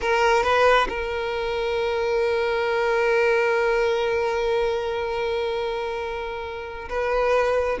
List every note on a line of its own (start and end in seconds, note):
0.01 0.43 A#4
0.43 0.87 B4
0.88 6.88 A#4
6.89 7.78 B4